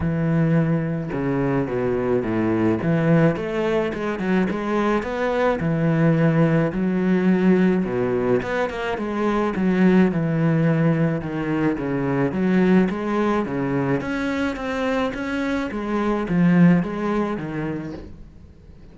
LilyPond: \new Staff \with { instrumentName = "cello" } { \time 4/4 \tempo 4 = 107 e2 cis4 b,4 | a,4 e4 a4 gis8 fis8 | gis4 b4 e2 | fis2 b,4 b8 ais8 |
gis4 fis4 e2 | dis4 cis4 fis4 gis4 | cis4 cis'4 c'4 cis'4 | gis4 f4 gis4 dis4 | }